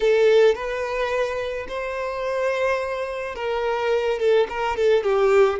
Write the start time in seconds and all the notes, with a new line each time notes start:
0.00 A4
0.54 B4
1.67 C5
3.35 A#4
4.19 A4
4.49 A#4
4.76 A4
5.03 G4